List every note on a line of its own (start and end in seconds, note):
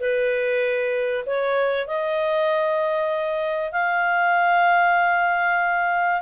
0.00 1.25 B4
1.26 1.88 C#5
1.88 3.72 D#5
3.72 6.22 F5